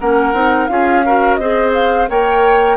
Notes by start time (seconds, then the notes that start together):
0.00 A#3 C#4 A#4 F#5
0.34 C4 D#4
0.68 C#4 F4 G#4 F5
1.06 F#4 A#4
1.35 C4 G#4 C5 D#5
1.74 F5
2.09 A#3 A#4 C#5 G5